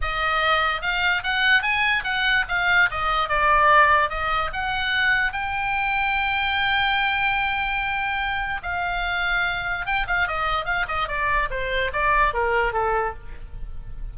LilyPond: \new Staff \with { instrumentName = "oboe" } { \time 4/4 \tempo 4 = 146 dis''2 f''4 fis''4 | gis''4 fis''4 f''4 dis''4 | d''2 dis''4 fis''4~ | fis''4 g''2.~ |
g''1~ | g''4 f''2. | g''8 f''8 dis''4 f''8 dis''8 d''4 | c''4 d''4 ais'4 a'4 | }